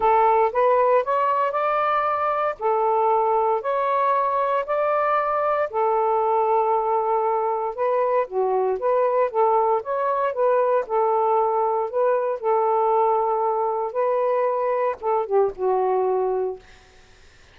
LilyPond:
\new Staff \with { instrumentName = "saxophone" } { \time 4/4 \tempo 4 = 116 a'4 b'4 cis''4 d''4~ | d''4 a'2 cis''4~ | cis''4 d''2 a'4~ | a'2. b'4 |
fis'4 b'4 a'4 cis''4 | b'4 a'2 b'4 | a'2. b'4~ | b'4 a'8 g'8 fis'2 | }